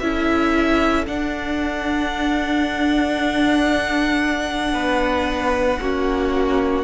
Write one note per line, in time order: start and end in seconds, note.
0.00 1.07 C#4
0.00 1.07 E4
0.00 4.75 A4
0.00 1.05 E5
1.07 5.80 D4
1.07 4.73 D4
1.07 6.85 F#5
4.73 5.79 B3
4.73 5.80 B4
5.79 6.85 A#3
5.79 6.85 C#4
5.79 6.85 F#4